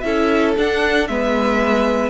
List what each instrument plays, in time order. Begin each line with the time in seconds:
0.00 cello C#4, viola E4, violin A4 E5
0.56 viola D4, cello D4, violin F#5
1.07 cello G#3, viola B3, violin B4 E5